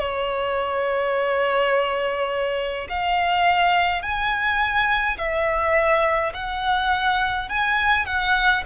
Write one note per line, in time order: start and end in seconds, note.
0.00 2.88 C#5
2.90 4.03 F5
4.03 5.18 G#5
5.18 6.34 E5
6.34 7.49 F#5
7.49 8.06 G#5
8.06 8.64 F#5